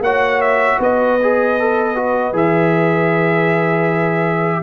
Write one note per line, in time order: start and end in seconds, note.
0.00 0.77 A#3
0.00 1.20 F#4
0.00 0.79 C#5
0.00 0.41 F#5
0.41 0.79 E5
0.79 2.32 B3
0.79 4.62 B4
0.79 2.36 D#5
1.22 1.60 G#4
1.60 1.95 A4
1.95 2.33 F#4
2.32 4.62 E3
2.32 4.62 G#4
2.32 4.62 E5